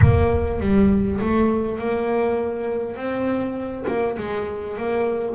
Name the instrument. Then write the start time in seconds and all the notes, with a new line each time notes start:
double bass
0.01 A#3
0.60 G3
1.20 A3
1.78 A#3
2.95 C4
3.87 A#3
4.17 G#3
4.77 A#3